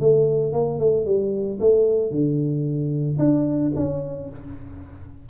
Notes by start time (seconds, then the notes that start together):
0.00 A3
0.53 A#3
0.79 A3
1.06 G3
1.60 A3
2.11 D3
3.19 D4
3.76 C#4